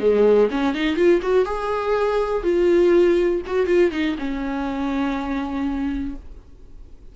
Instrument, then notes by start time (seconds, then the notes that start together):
viola
0.00 G#3
0.51 C#4
0.75 D#4
0.96 F4
1.22 F#4
1.45 G#4
2.43 F4
3.46 F#4
3.67 F4
3.92 D#4
4.19 C#4